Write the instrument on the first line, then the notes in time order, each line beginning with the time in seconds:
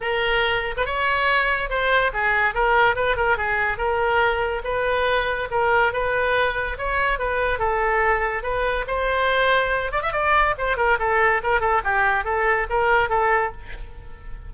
oboe
0.00 A#4
0.76 B4
0.85 C#5
1.69 C5
2.13 G#4
2.54 A#4
2.95 B4
3.16 A#4
3.37 G#4
3.77 A#4
4.64 B4
5.50 A#4
5.93 B4
6.78 C#5
7.19 B4
7.58 A4
8.42 B4
8.87 C5
9.91 D5
10.02 E5
10.12 D5
10.58 C5
10.76 A#4
10.99 A4
11.43 A#4
11.60 A4
11.84 G4
12.24 A4
12.69 A#4
13.09 A4